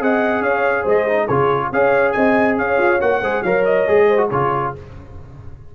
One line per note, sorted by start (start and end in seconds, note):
0.00 0.41 C4
0.00 1.07 G#4
0.00 0.43 D#5
0.00 0.42 F#5
0.41 0.84 C#4
0.41 0.83 C#5
0.41 0.85 F5
0.83 1.28 G#3
0.83 1.26 C5
0.83 1.27 D#5
1.07 1.29 D#4
1.27 1.72 C#3
1.27 1.73 F4
1.27 1.69 G#4
1.27 1.70 C#5
1.72 2.14 C#4
1.72 3.00 G#4
1.72 2.15 C#5
1.72 2.12 F5
2.12 2.58 C4
2.12 2.57 D#5
2.12 2.55 G#5
2.57 2.78 C#4
2.57 3.21 C#5
2.57 3.01 F5
2.78 2.99 F4
3.00 3.21 A#3
3.00 3.21 F#4
3.00 3.43 F#5
3.21 3.42 G#3
3.21 3.45 G#4
3.21 3.43 C5
3.43 3.86 F#3
3.43 3.87 A#4
3.43 4.07 C#5
3.43 3.64 F5
3.65 4.29 D#5
3.87 4.31 G#3
3.87 4.17 G#4
4.08 4.27 C5
4.17 4.28 F#4
4.27 4.74 C#3
4.27 4.75 F4
4.27 4.70 G#4
4.27 4.73 C#5